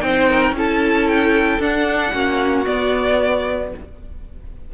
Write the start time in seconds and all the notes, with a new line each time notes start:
0.00 C4 D#4 C5 G5
0.30 A#4
0.52 C#4 E4 A4
0.58 A5
1.08 G5
1.59 D4 F#5
2.13 A#3 C#4 F#4
2.65 B3 D5